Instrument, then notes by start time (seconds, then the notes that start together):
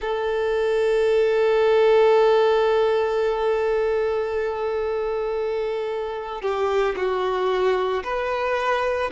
violin
0.00 A4
6.41 G4
6.96 F#4
8.04 B4